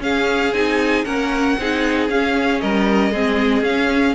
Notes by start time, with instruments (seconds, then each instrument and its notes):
0.00 viola C#4, cello C#4, violin G#4 F5
0.52 cello C4, viola D#4, violin G#5
1.04 cello A#3, viola C#4, violin A#4 F#5
1.58 cello C4, viola D#4, violin G#4
2.09 cello C#4, viola C#4, violin F5
2.60 cello G3, violin A#4 D#5
3.11 cello G#3, viola C4, violin G#4
3.61 cello C#4, viola C#4, violin F5